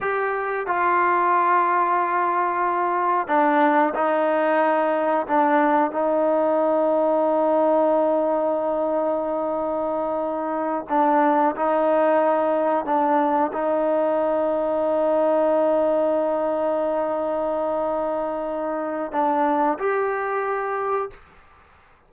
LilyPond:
\new Staff \with { instrumentName = "trombone" } { \time 4/4 \tempo 4 = 91 g'4 f'2.~ | f'4 d'4 dis'2 | d'4 dis'2.~ | dis'1~ |
dis'8 d'4 dis'2 d'8~ | d'8 dis'2.~ dis'8~ | dis'1~ | dis'4 d'4 g'2 | }